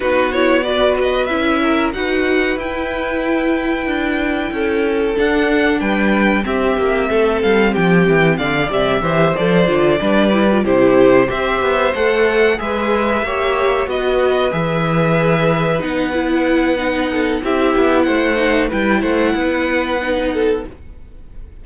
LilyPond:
<<
  \new Staff \with { instrumentName = "violin" } { \time 4/4 \tempo 4 = 93 b'8 cis''8 d''8 dis''8 e''4 fis''4 | g''1 | fis''4 g''4 e''4. f''8 | g''4 f''8 e''4 d''4.~ |
d''8 c''4 e''4 fis''4 e''8~ | e''4. dis''4 e''4.~ | e''8 fis''2~ fis''8 e''4 | fis''4 g''8 fis''2~ fis''8 | }
  \new Staff \with { instrumentName = "violin" } { \time 4/4 fis'4 b'4. ais'8 b'4~ | b'2. a'4~ | a'4 b'4 g'4 a'4 | g'4 d''4 c''4. b'8~ |
b'8 g'4 c''2 b'8~ | b'8 cis''4 b'2~ b'8~ | b'2~ b'8 a'8 g'4 | c''4 b'8 c''8 b'4. a'8 | }
  \new Staff \with { instrumentName = "viola" } { \time 4/4 dis'8 e'8 fis'4 e'4 fis'4 | e'1 | d'2 c'2~ | c'4. g8 g'8 a'8 f'8 d'8 |
e'16 f'16 e'4 g'4 a'4 gis'8~ | gis'8 g'4 fis'4 gis'4.~ | gis'8 dis'8 e'4 dis'4 e'4~ | e'8 dis'8 e'2 dis'4 | }
  \new Staff \with { instrumentName = "cello" } { \time 4/4 b2 cis'4 dis'4 | e'2 d'4 cis'4 | d'4 g4 c'8 ais8 a8 g8 | f8 e8 d8 c8 e8 f8 d8 g8~ |
g8 c4 c'8 b8 a4 gis8~ | gis8 ais4 b4 e4.~ | e8 b2~ b8 c'8 b8 | a4 g8 a8 b2 | }
>>